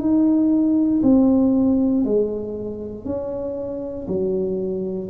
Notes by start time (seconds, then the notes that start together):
0.00 D#4
1.03 C4
2.05 G#3
3.05 C#4
4.08 F#3